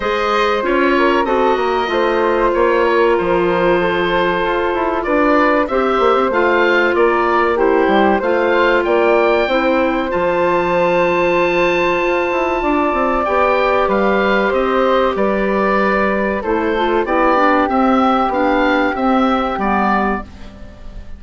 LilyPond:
<<
  \new Staff \with { instrumentName = "oboe" } { \time 4/4 \tempo 4 = 95 dis''4 cis''4 dis''2 | cis''4 c''2. | d''4 e''4 f''4 d''4 | c''4 f''4 g''2 |
a''1~ | a''4 g''4 f''4 dis''4 | d''2 c''4 d''4 | e''4 f''4 e''4 d''4 | }
  \new Staff \with { instrumentName = "flute" } { \time 4/4 c''4. ais'8 a'8 ais'8 c''4~ | c''8 ais'4. a'2 | b'4 c''2 ais'4 | g'4 c''4 d''4 c''4~ |
c''1 | d''2 b'4 c''4 | b'2 a'4 g'4~ | g'1 | }
  \new Staff \with { instrumentName = "clarinet" } { \time 4/4 gis'4 f'4 fis'4 f'4~ | f'1~ | f'4 g'4 f'2 | e'4 f'2 e'4 |
f'1~ | f'4 g'2.~ | g'2 e'8 f'8 e'8 d'8 | c'4 d'4 c'4 b4 | }
  \new Staff \with { instrumentName = "bassoon" } { \time 4/4 gis4 cis'4 c'8 ais8 a4 | ais4 f2 f'8 e'8 | d'4 c'8 ais16 c'16 a4 ais4~ | ais8 g8 a4 ais4 c'4 |
f2. f'8 e'8 | d'8 c'8 b4 g4 c'4 | g2 a4 b4 | c'4 b4 c'4 g4 | }
>>